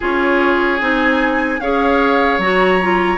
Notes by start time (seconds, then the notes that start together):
0.00 C#4 F4 G#4 C#5
0.80 C4 D#4 G#5
1.60 C#4 G#4 C#5 F5
2.38 F#3 F#4 A#5
2.81 F4